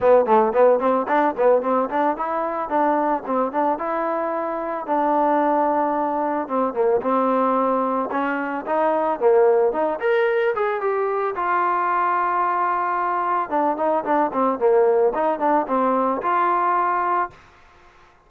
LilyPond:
\new Staff \with { instrumentName = "trombone" } { \time 4/4 \tempo 4 = 111 b8 a8 b8 c'8 d'8 b8 c'8 d'8 | e'4 d'4 c'8 d'8 e'4~ | e'4 d'2. | c'8 ais8 c'2 cis'4 |
dis'4 ais4 dis'8 ais'4 gis'8 | g'4 f'2.~ | f'4 d'8 dis'8 d'8 c'8 ais4 | dis'8 d'8 c'4 f'2 | }